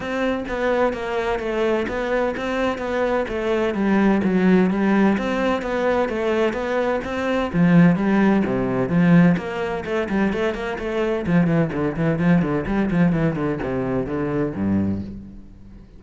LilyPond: \new Staff \with { instrumentName = "cello" } { \time 4/4 \tempo 4 = 128 c'4 b4 ais4 a4 | b4 c'4 b4 a4 | g4 fis4 g4 c'4 | b4 a4 b4 c'4 |
f4 g4 c4 f4 | ais4 a8 g8 a8 ais8 a4 | f8 e8 d8 e8 f8 d8 g8 f8 | e8 d8 c4 d4 g,4 | }